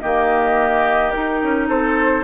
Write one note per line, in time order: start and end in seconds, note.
0.00 1.14 D#3
0.00 1.13 A#3
0.00 1.68 G4
0.00 1.11 D#5
1.11 2.24 D#4
1.11 1.42 D#4
1.11 1.67 A#4
1.42 1.69 C#4
1.68 2.24 C4
1.68 2.24 A4
1.68 2.24 C5